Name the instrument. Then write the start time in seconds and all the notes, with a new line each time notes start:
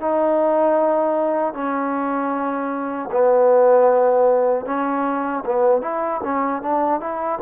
trombone
0.00 D#4
1.54 C#4
3.12 B3
4.66 C#4
5.45 B3
5.82 E4
6.23 C#4
6.62 D4
7.00 E4